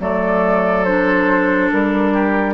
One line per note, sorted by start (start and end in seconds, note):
0.00 1.71 F#3
0.00 0.86 A3
0.00 2.14 A4
0.00 0.85 D5
0.85 2.55 D4
0.85 1.70 C5
1.72 2.55 G3
1.72 2.55 A#4
2.14 2.55 G4